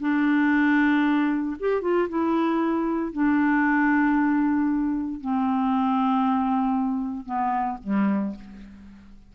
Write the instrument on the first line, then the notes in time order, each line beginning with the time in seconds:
clarinet
0.00 D4
1.59 G4
1.82 F4
2.08 E4
3.12 D4
5.21 C4
7.25 B3
7.83 G3